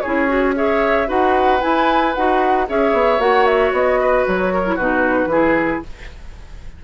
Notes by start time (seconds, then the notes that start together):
0.00 C#4 E4 G#4 C#5
0.28 F#4
0.55 G#4 C#5 E5
1.07 D#4 F#4 B4 F#5
1.61 E4 G#5
2.14 D#4 F#4 F#5
2.67 C#4 G#4 C#5 E5
2.92 B3
3.18 A#3 F#4 F#5
3.46 E5
3.72 B3 D#5
4.00 B4
4.27 F#3 C#5
4.53 A#4
4.65 E4
4.75 B2 D#4 F#4 B4
5.26 E3 E4 G#4